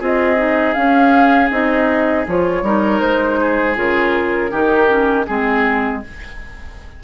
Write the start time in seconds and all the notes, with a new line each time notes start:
0.00 C4 F4 G#4 D#5
0.37 D#4
0.74 C#4 F5
1.51 C4 D#4 D#5
2.27 F3 F4 C#5
2.63 G3 D#4 A#4
3.01 G#3 C5
3.41 G#4
3.76 C#3 F4 A#4
4.51 D#3 D#4 G4
4.88 C#4
5.25 G#3 C4 G#4